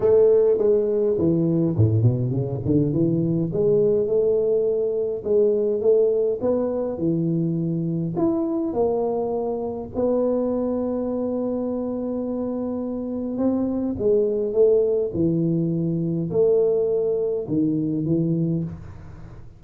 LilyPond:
\new Staff \with { instrumentName = "tuba" } { \time 4/4 \tempo 4 = 103 a4 gis4 e4 a,8 b,8 | cis8 d8 e4 gis4 a4~ | a4 gis4 a4 b4 | e2 e'4 ais4~ |
ais4 b2.~ | b2. c'4 | gis4 a4 e2 | a2 dis4 e4 | }